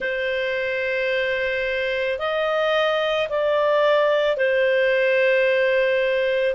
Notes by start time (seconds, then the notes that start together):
0.00 C5
2.18 D#5
3.29 D5
4.36 C5